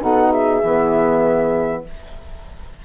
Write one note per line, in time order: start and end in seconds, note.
0.00 0.61 B2
0.00 0.61 D#4
0.00 0.29 A4
0.00 0.32 F#5
0.29 1.81 G#4
0.29 1.83 E5
0.63 1.84 E3
0.63 1.85 B3